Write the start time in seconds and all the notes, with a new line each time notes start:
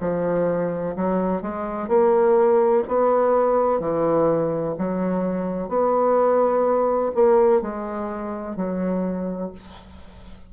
0.00 F3
0.95 F#3
1.41 G#3
1.88 A#3
2.87 B3
3.79 E3
4.78 F#3
5.68 B3
7.14 A#3
7.61 G#3
8.56 F#3